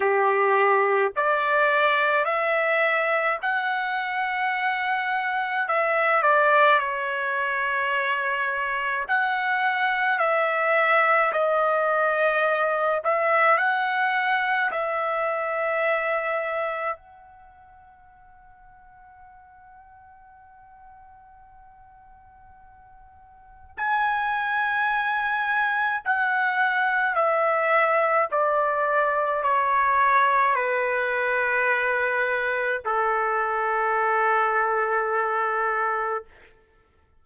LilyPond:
\new Staff \with { instrumentName = "trumpet" } { \time 4/4 \tempo 4 = 53 g'4 d''4 e''4 fis''4~ | fis''4 e''8 d''8 cis''2 | fis''4 e''4 dis''4. e''8 | fis''4 e''2 fis''4~ |
fis''1~ | fis''4 gis''2 fis''4 | e''4 d''4 cis''4 b'4~ | b'4 a'2. | }